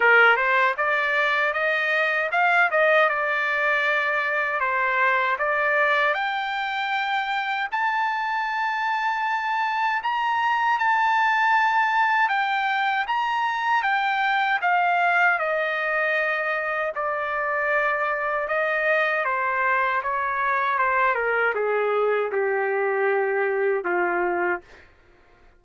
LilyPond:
\new Staff \with { instrumentName = "trumpet" } { \time 4/4 \tempo 4 = 78 ais'8 c''8 d''4 dis''4 f''8 dis''8 | d''2 c''4 d''4 | g''2 a''2~ | a''4 ais''4 a''2 |
g''4 ais''4 g''4 f''4 | dis''2 d''2 | dis''4 c''4 cis''4 c''8 ais'8 | gis'4 g'2 f'4 | }